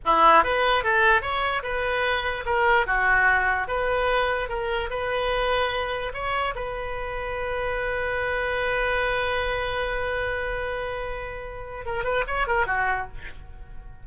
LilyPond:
\new Staff \with { instrumentName = "oboe" } { \time 4/4 \tempo 4 = 147 e'4 b'4 a'4 cis''4 | b'2 ais'4 fis'4~ | fis'4 b'2 ais'4 | b'2. cis''4 |
b'1~ | b'1~ | b'1~ | b'4 ais'8 b'8 cis''8 ais'8 fis'4 | }